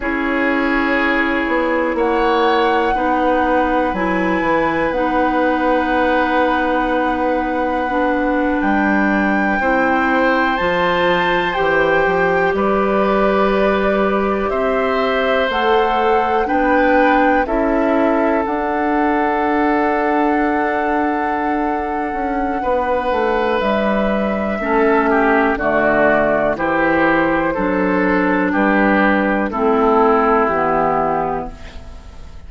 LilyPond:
<<
  \new Staff \with { instrumentName = "flute" } { \time 4/4 \tempo 4 = 61 cis''2 fis''2 | gis''4 fis''2.~ | fis''8. g''2 a''4 g''16~ | g''8. d''2 e''4 fis''16~ |
fis''8. g''4 e''4 fis''4~ fis''16~ | fis''1 | e''2 d''4 c''4~ | c''4 b'4 a'4 g'4 | }
  \new Staff \with { instrumentName = "oboe" } { \time 4/4 gis'2 cis''4 b'4~ | b'1~ | b'4.~ b'16 c''2~ c''16~ | c''8. b'2 c''4~ c''16~ |
c''8. b'4 a'2~ a'16~ | a'2. b'4~ | b'4 a'8 g'8 fis'4 g'4 | a'4 g'4 e'2 | }
  \new Staff \with { instrumentName = "clarinet" } { \time 4/4 e'2. dis'4 | e'4 dis'2. | d'4.~ d'16 e'4 f'4 g'16~ | g'2.~ g'8. a'16~ |
a'8. d'4 e'4 d'4~ d'16~ | d'1~ | d'4 cis'4 a4 e'4 | d'2 c'4 b4 | }
  \new Staff \with { instrumentName = "bassoon" } { \time 4/4 cis'4. b8 ais4 b4 | fis8 e8 b2.~ | b8. g4 c'4 f4 e16~ | e16 f8 g2 c'4 a16~ |
a8. b4 cis'4 d'4~ d'16~ | d'2~ d'8 cis'8 b8 a8 | g4 a4 d4 e4 | fis4 g4 a4 e4 | }
>>